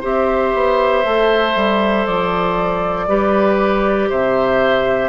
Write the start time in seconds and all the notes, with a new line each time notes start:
0.00 C4 G4 C5 E5
0.54 B3
1.04 A3 A4
1.55 G3
2.06 F3 D5
3.07 G3 G4 B4
4.09 C3 C5 E5